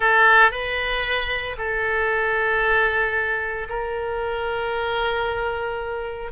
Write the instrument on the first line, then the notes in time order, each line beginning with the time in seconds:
oboe
0.00 A4
0.51 B4
1.57 A4
3.69 A#4